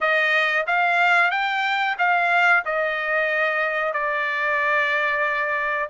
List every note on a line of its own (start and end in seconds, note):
0.00 0.66 D#5
0.67 1.30 F5
1.30 1.96 G5
1.98 2.63 F5
2.65 3.93 D#5
3.93 5.88 D5